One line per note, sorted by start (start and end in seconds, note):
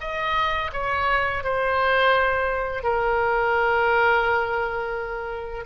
0.00 0.71 D#5
0.73 1.43 C#5
1.43 2.83 C5
2.83 5.65 A#4